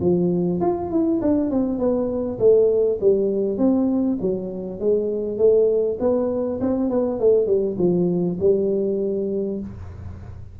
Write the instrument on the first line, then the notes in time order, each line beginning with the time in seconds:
tuba
0.00 F3
0.60 F4
0.91 E4
1.21 D4
1.50 C4
1.78 B3
2.39 A3
3.00 G3
3.58 C4
4.21 F#3
4.79 G#3
5.38 A3
5.99 B3
6.61 C4
6.89 B3
7.19 A3
7.46 G3
7.78 F3
8.39 G3